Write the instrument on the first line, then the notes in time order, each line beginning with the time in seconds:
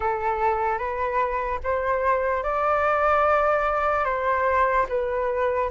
flute
0.00 A4
0.78 B4
1.63 C5
2.43 D5
4.04 C5
4.88 B4